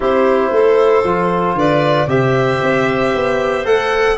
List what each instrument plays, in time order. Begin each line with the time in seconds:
0.00 tuba C4, trombone E4, clarinet G4, violin C5
0.51 tuba A3, clarinet A4
1.03 tuba F3, trombone F4
1.54 tuba D3, clarinet B4, violin D5
2.07 tuba C3, trombone G4, clarinet C5, violin E5
2.62 tuba C4
3.14 tuba B3
3.65 tuba A3, trombone A4, violin F#5